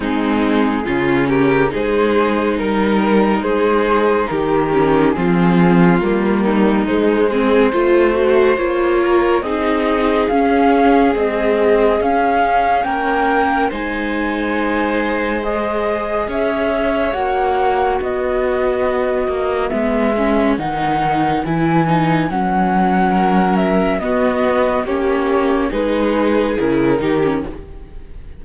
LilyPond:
<<
  \new Staff \with { instrumentName = "flute" } { \time 4/4 \tempo 4 = 70 gis'4. ais'8 c''4 ais'4 | c''4 ais'4 gis'4 ais'4 | c''2 cis''4 dis''4 | f''4 dis''4 f''4 g''4 |
gis''2 dis''4 e''4 | fis''4 dis''2 e''4 | fis''4 gis''4 fis''4. e''8 | dis''4 cis''4 b'4 ais'4 | }
  \new Staff \with { instrumentName = "violin" } { \time 4/4 dis'4 f'8 g'8 gis'4 ais'4 | gis'4 g'4 f'4. dis'8~ | dis'8 gis'8 c''4. ais'8 gis'4~ | gis'2. ais'4 |
c''2. cis''4~ | cis''4 b'2.~ | b'2. ais'4 | fis'4 g'4 gis'4. g'8 | }
  \new Staff \with { instrumentName = "viola" } { \time 4/4 c'4 cis'4 dis'2~ | dis'4. cis'8 c'4 ais4 | gis8 c'8 f'8 fis'8 f'4 dis'4 | cis'4 gis4 cis'2 |
dis'2 gis'2 | fis'2. b8 cis'8 | dis'4 e'8 dis'8 cis'2 | b4 cis'4 dis'4 e'8 dis'16 cis'16 | }
  \new Staff \with { instrumentName = "cello" } { \time 4/4 gis4 cis4 gis4 g4 | gis4 dis4 f4 g4 | gis4 a4 ais4 c'4 | cis'4 c'4 cis'4 ais4 |
gis2. cis'4 | ais4 b4. ais8 gis4 | dis4 e4 fis2 | b4 ais4 gis4 cis8 dis8 | }
>>